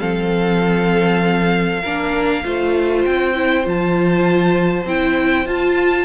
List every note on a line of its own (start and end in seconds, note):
0.00 1.84 F3
0.00 1.82 C4
0.00 1.82 A4
0.00 3.03 F5
1.82 2.44 A#3
1.82 2.44 D4
1.82 2.43 A#4
2.44 3.06 A3
2.44 3.35 F4
2.44 6.05 C5
3.06 3.66 C4
3.06 3.66 G5
3.35 3.64 E4
3.64 4.86 F3
3.64 4.85 F4
3.64 4.88 A5
4.86 5.46 C4
4.86 5.46 E4
4.86 5.48 G5
5.46 6.05 F4
5.46 6.05 A5